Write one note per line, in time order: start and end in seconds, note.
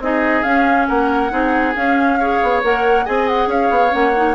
0.00 0.43 C4
0.00 0.45 D#4
0.00 0.88 G#4
0.00 0.44 D#5
0.44 1.30 C#4
0.44 0.88 C#4
0.44 0.87 F5
0.88 1.32 A#3
0.88 1.32 A#4
0.88 1.75 F#5
1.30 1.75 C4
1.30 1.74 D#4
1.30 2.20 G#4
1.76 2.19 C#4
1.76 2.42 C#4
1.76 2.63 F5
2.20 2.63 G#4
2.20 3.06 C#5
2.43 2.64 B3
2.63 3.07 A#3
2.63 3.06 A#4
2.63 3.06 F#5
3.06 3.48 C4
3.06 3.90 G#4
3.06 3.49 D#5
3.06 3.28 G#5
3.28 3.50 F#5
3.48 3.69 C#4
3.48 4.35 C#5
3.48 3.94 F5
3.71 3.92 B3
3.90 4.35 A#3
3.90 4.12 C#4
3.90 4.35 F#5
4.17 4.35 D#4